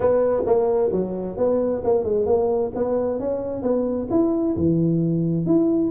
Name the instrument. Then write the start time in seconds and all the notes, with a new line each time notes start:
tuba
0.00 B3
0.45 A#3
0.92 F#3
1.37 B3
1.84 A#3
2.04 G#3
2.26 A#3
2.75 B3
3.19 C#4
3.62 B3
4.10 E4
4.56 E3
5.45 E4